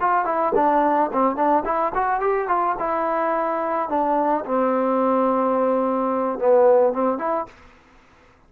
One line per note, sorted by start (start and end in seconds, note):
0.00 0.25 F4
0.25 0.53 E4
0.55 1.10 D4
1.12 1.35 C4
1.35 1.63 D4
1.65 1.92 E4
1.94 2.20 F#4
2.20 2.47 G4
2.47 2.75 F4
2.79 3.89 E4
3.89 4.44 D4
4.45 6.39 C4
6.39 6.93 B3
6.93 7.18 C4
7.18 7.46 E4